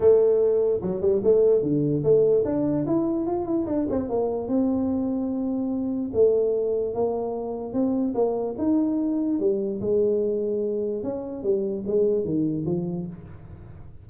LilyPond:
\new Staff \with { instrumentName = "tuba" } { \time 4/4 \tempo 4 = 147 a2 fis8 g8 a4 | d4 a4 d'4 e'4 | f'8 e'8 d'8 c'8 ais4 c'4~ | c'2. a4~ |
a4 ais2 c'4 | ais4 dis'2 g4 | gis2. cis'4 | g4 gis4 dis4 f4 | }